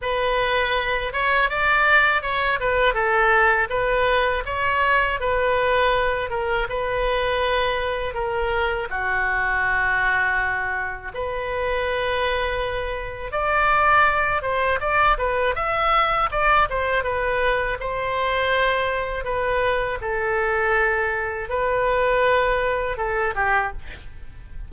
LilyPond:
\new Staff \with { instrumentName = "oboe" } { \time 4/4 \tempo 4 = 81 b'4. cis''8 d''4 cis''8 b'8 | a'4 b'4 cis''4 b'4~ | b'8 ais'8 b'2 ais'4 | fis'2. b'4~ |
b'2 d''4. c''8 | d''8 b'8 e''4 d''8 c''8 b'4 | c''2 b'4 a'4~ | a'4 b'2 a'8 g'8 | }